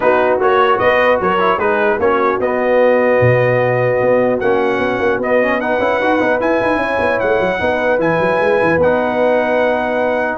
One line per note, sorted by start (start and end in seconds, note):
0.00 0.40 B3
0.00 0.40 D#4
0.00 0.80 F#4
0.00 0.39 B4
0.40 0.80 A#3
0.40 1.39 F#4
0.40 0.78 C#5
0.78 1.20 B3
0.78 1.20 B4
0.78 1.18 D#5
1.20 1.57 F#3
1.20 1.57 A#4
1.20 1.59 C#5
1.39 1.59 E4
1.57 1.97 G#3
1.57 1.99 D#4
1.57 1.97 G#4
1.57 1.99 B4
1.99 2.39 A#3
1.99 2.41 C#4
1.99 5.60 F#4
1.99 2.40 C#5
2.39 3.19 B3
2.39 4.42 B3
2.39 4.40 D#5
3.21 4.00 B2
4.00 4.40 B3
4.40 4.78 A#3
4.40 5.21 C#4
4.40 5.20 F#5
4.78 4.98 B3
4.99 5.18 A#3
5.18 5.78 B3
5.18 5.41 B3
5.18 5.60 D#5
5.42 5.60 C#4
5.60 5.80 D#4
5.60 6.80 B4
5.60 6.40 F#5
5.79 5.99 C#4
5.79 6.00 E4
5.99 6.19 D#4
5.99 6.20 F#4
6.20 6.40 B3
6.20 6.40 D#4
6.40 7.58 E4
6.40 6.60 E4
6.40 7.19 G#5
6.60 6.76 D#4
6.76 6.96 C#4
6.76 7.60 C#5
6.99 7.19 B3
7.19 7.40 A3
7.19 7.99 F#5
7.40 7.60 F#3
7.58 7.98 B3
7.58 7.98 D#4
7.58 10.38 B4
7.98 8.18 E3
7.98 8.78 E4
7.98 8.80 G#5
8.19 8.39 F#3
8.40 8.60 G#3
8.61 8.76 E3
8.76 10.36 B3
8.76 10.38 F#5
8.84 10.38 D#4